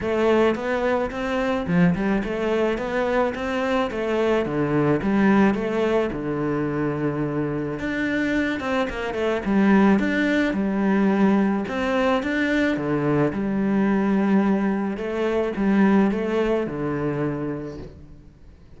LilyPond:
\new Staff \with { instrumentName = "cello" } { \time 4/4 \tempo 4 = 108 a4 b4 c'4 f8 g8 | a4 b4 c'4 a4 | d4 g4 a4 d4~ | d2 d'4. c'8 |
ais8 a8 g4 d'4 g4~ | g4 c'4 d'4 d4 | g2. a4 | g4 a4 d2 | }